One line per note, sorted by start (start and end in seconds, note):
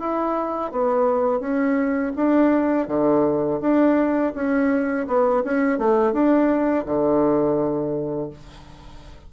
0.00 0.72 E4
0.72 1.40 B3
1.40 2.13 C#4
2.16 2.88 D4
2.88 3.60 D3
3.61 4.33 D4
4.35 5.07 C#4
5.07 5.43 B3
5.44 5.79 C#4
5.79 6.13 A3
6.13 6.85 D4
6.86 8.30 D3